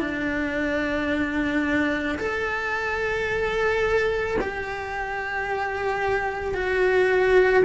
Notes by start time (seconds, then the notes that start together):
0.00 D4
2.19 A4
4.41 G4
6.55 F#4